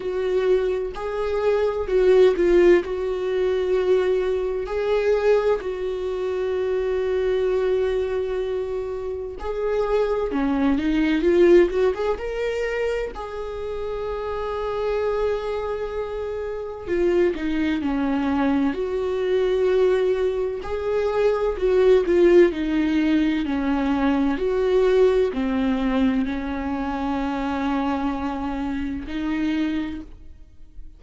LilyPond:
\new Staff \with { instrumentName = "viola" } { \time 4/4 \tempo 4 = 64 fis'4 gis'4 fis'8 f'8 fis'4~ | fis'4 gis'4 fis'2~ | fis'2 gis'4 cis'8 dis'8 | f'8 fis'16 gis'16 ais'4 gis'2~ |
gis'2 f'8 dis'8 cis'4 | fis'2 gis'4 fis'8 f'8 | dis'4 cis'4 fis'4 c'4 | cis'2. dis'4 | }